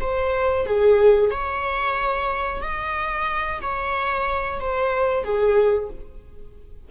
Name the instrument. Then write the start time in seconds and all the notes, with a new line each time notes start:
viola
0.00 C5
0.66 G#4
1.30 C#5
2.62 D#5
3.61 C#5
4.60 C5
5.24 G#4